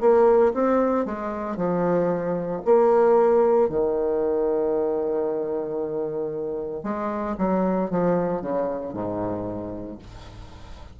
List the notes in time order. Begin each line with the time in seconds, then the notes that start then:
0.00 A#3
0.54 C4
1.05 G#3
1.57 F3
2.65 A#3
3.69 D#3
6.84 G#3
7.38 F#3
7.90 F3
8.42 C#3
8.94 G#2